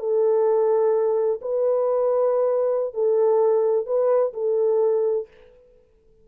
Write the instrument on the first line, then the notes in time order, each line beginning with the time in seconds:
horn
0.00 A4
1.42 B4
2.94 A4
3.87 B4
4.34 A4